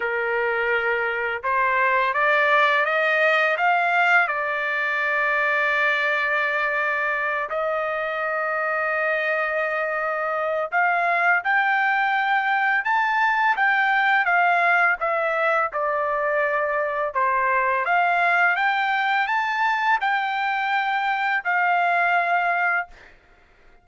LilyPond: \new Staff \with { instrumentName = "trumpet" } { \time 4/4 \tempo 4 = 84 ais'2 c''4 d''4 | dis''4 f''4 d''2~ | d''2~ d''8 dis''4.~ | dis''2. f''4 |
g''2 a''4 g''4 | f''4 e''4 d''2 | c''4 f''4 g''4 a''4 | g''2 f''2 | }